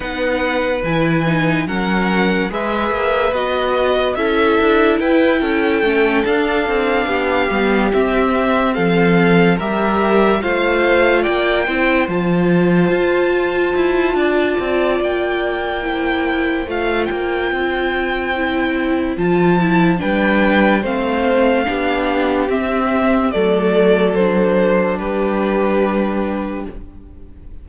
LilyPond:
<<
  \new Staff \with { instrumentName = "violin" } { \time 4/4 \tempo 4 = 72 fis''4 gis''4 fis''4 e''4 | dis''4 e''4 g''4. f''8~ | f''4. e''4 f''4 e''8~ | e''8 f''4 g''4 a''4.~ |
a''2 g''2 | f''8 g''2~ g''8 a''4 | g''4 f''2 e''4 | d''4 c''4 b'2 | }
  \new Staff \with { instrumentName = "violin" } { \time 4/4 b'2 ais'4 b'4~ | b'4 a'4 b'8 a'4.~ | a'8 g'2 a'4 ais'8~ | ais'8 c''4 d''8 c''2~ |
c''4 d''2 c''4~ | c''1 | b'4 c''4 g'2 | a'2 g'2 | }
  \new Staff \with { instrumentName = "viola" } { \time 4/4 dis'4 e'8 dis'8 cis'4 gis'4 | fis'4 e'2 cis'8 d'8~ | d'4 b8 c'2 g'8~ | g'8 f'4. e'8 f'4.~ |
f'2. e'4 | f'2 e'4 f'8 e'8 | d'4 c'4 d'4 c'4 | a4 d'2. | }
  \new Staff \with { instrumentName = "cello" } { \time 4/4 b4 e4 fis4 gis8 ais8 | b4 cis'8 d'8 e'8 cis'8 a8 d'8 | c'8 b8 g8 c'4 f4 g8~ | g8 a4 ais8 c'8 f4 f'8~ |
f'8 e'8 d'8 c'8 ais2 | a8 ais8 c'2 f4 | g4 a4 b4 c'4 | fis2 g2 | }
>>